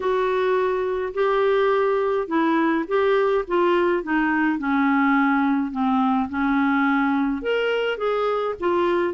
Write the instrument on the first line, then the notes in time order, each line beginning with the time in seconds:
clarinet
0.00 F#4
1.14 G4
2.27 E4
2.87 G4
3.47 F4
4.03 D#4
4.58 C#4
5.71 C4
6.29 C#4
7.42 A#4
7.97 G#4
8.59 F4